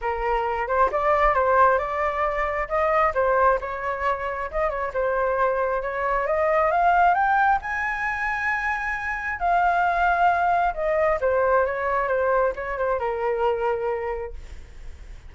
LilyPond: \new Staff \with { instrumentName = "flute" } { \time 4/4 \tempo 4 = 134 ais'4. c''8 d''4 c''4 | d''2 dis''4 c''4 | cis''2 dis''8 cis''8 c''4~ | c''4 cis''4 dis''4 f''4 |
g''4 gis''2.~ | gis''4 f''2. | dis''4 c''4 cis''4 c''4 | cis''8 c''8 ais'2. | }